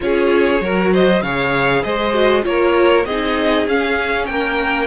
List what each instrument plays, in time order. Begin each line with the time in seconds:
0.00 cello C#4, viola F4, violin G#4 C#5
0.61 cello F#3, viola F#4, violin A#4
0.92 violin C5 D#5
1.21 cello C#3, viola G#4, violin C#5 F5
1.82 cello G#3, violin C5 D#5
2.13 viola F#4
2.42 cello A#3, viola F4, violin A#4 C#5
3.05 cello C4, viola D#4, violin G#4 D#5
3.66 cello C#4, viola C#4, violin F5
4.26 cello A#3, violin A#4 G5